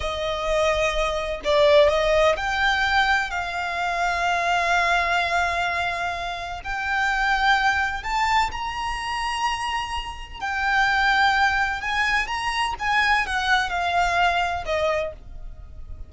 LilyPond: \new Staff \with { instrumentName = "violin" } { \time 4/4 \tempo 4 = 127 dis''2. d''4 | dis''4 g''2 f''4~ | f''1~ | f''2 g''2~ |
g''4 a''4 ais''2~ | ais''2 g''2~ | g''4 gis''4 ais''4 gis''4 | fis''4 f''2 dis''4 | }